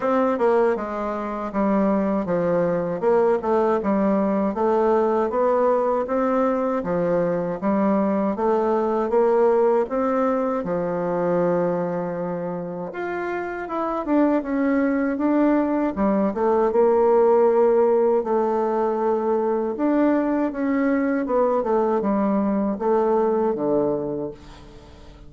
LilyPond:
\new Staff \with { instrumentName = "bassoon" } { \time 4/4 \tempo 4 = 79 c'8 ais8 gis4 g4 f4 | ais8 a8 g4 a4 b4 | c'4 f4 g4 a4 | ais4 c'4 f2~ |
f4 f'4 e'8 d'8 cis'4 | d'4 g8 a8 ais2 | a2 d'4 cis'4 | b8 a8 g4 a4 d4 | }